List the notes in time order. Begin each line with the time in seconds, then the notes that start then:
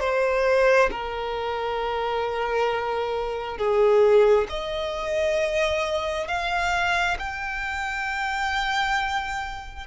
0.00 C5
0.91 A#4
3.57 G#4
4.49 D#5
6.28 F5
7.19 G5